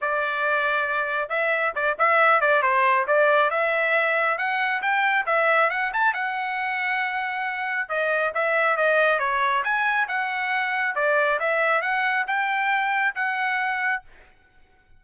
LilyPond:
\new Staff \with { instrumentName = "trumpet" } { \time 4/4 \tempo 4 = 137 d''2. e''4 | d''8 e''4 d''8 c''4 d''4 | e''2 fis''4 g''4 | e''4 fis''8 a''8 fis''2~ |
fis''2 dis''4 e''4 | dis''4 cis''4 gis''4 fis''4~ | fis''4 d''4 e''4 fis''4 | g''2 fis''2 | }